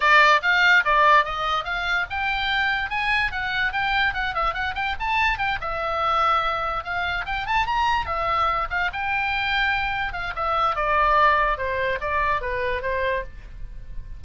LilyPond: \new Staff \with { instrumentName = "oboe" } { \time 4/4 \tempo 4 = 145 d''4 f''4 d''4 dis''4 | f''4 g''2 gis''4 | fis''4 g''4 fis''8 e''8 fis''8 g''8 | a''4 g''8 e''2~ e''8~ |
e''8 f''4 g''8 a''8 ais''4 e''8~ | e''4 f''8 g''2~ g''8~ | g''8 f''8 e''4 d''2 | c''4 d''4 b'4 c''4 | }